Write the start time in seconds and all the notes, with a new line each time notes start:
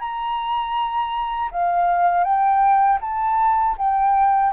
0.00 A#5
1.52 F5
2.24 G5
3.01 A5
3.78 G5